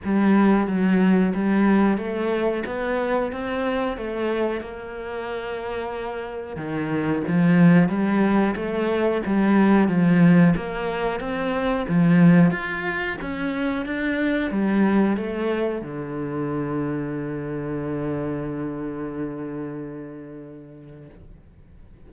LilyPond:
\new Staff \with { instrumentName = "cello" } { \time 4/4 \tempo 4 = 91 g4 fis4 g4 a4 | b4 c'4 a4 ais4~ | ais2 dis4 f4 | g4 a4 g4 f4 |
ais4 c'4 f4 f'4 | cis'4 d'4 g4 a4 | d1~ | d1 | }